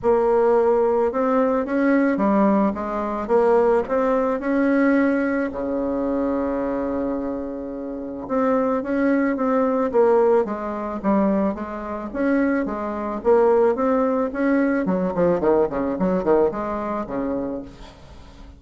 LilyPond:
\new Staff \with { instrumentName = "bassoon" } { \time 4/4 \tempo 4 = 109 ais2 c'4 cis'4 | g4 gis4 ais4 c'4 | cis'2 cis2~ | cis2. c'4 |
cis'4 c'4 ais4 gis4 | g4 gis4 cis'4 gis4 | ais4 c'4 cis'4 fis8 f8 | dis8 cis8 fis8 dis8 gis4 cis4 | }